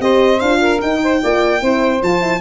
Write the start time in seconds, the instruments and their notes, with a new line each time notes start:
0.00 tuba C4, horn G4, saxophone C5, violin D#5
0.40 tuba D4, horn F4, violin F5
0.60 saxophone A#4
0.81 horn D#4, tuba D#4, violin G5
1.03 saxophone C5
1.22 tuba A#3, horn F4, saxophone D5
1.61 tuba C4, horn E4, saxophone C5
2.03 tuba F3, horn F4, violin A5
2.21 horn E4